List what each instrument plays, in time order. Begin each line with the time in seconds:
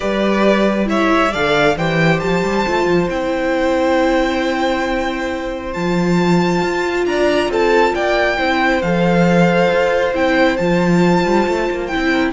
0.00 cello G3, viola G4, violin B4 D5
0.85 viola E4, violin C#5 E5
1.32 cello D3, viola A4, violin D5 F5
1.76 cello E3, viola G4, violin C5 G5
2.19 cello F3, violin A5
2.43 cello G3
2.66 cello A3, viola F4
2.86 cello F3
3.09 cello C4, viola E4, violin G5
5.73 cello F3, viola F4, violin A5
6.62 cello F4
7.06 cello D4, violin D5 A#5
7.48 cello C4, violin A4 A5
7.94 cello A#3, violin D5 G5
8.37 cello C4, viola E4, violin C5
8.82 cello F3, viola A4, violin F5
9.70 cello F4
10.14 cello C4, viola E4, violin G5
10.56 cello F3, viola F4, violin A5
11.24 cello G3
11.47 cello A3
11.70 cello A#3
11.86 viola E4, violin G5
11.95 cello C4
12.11 violin A#4